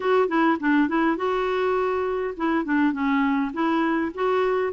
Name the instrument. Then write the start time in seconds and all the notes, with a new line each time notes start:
clarinet
0.00 F#4
0.28 E4
0.60 D4
0.88 E4
1.17 F#4
2.36 E4
2.64 D4
2.92 C#4
3.53 E4
4.14 F#4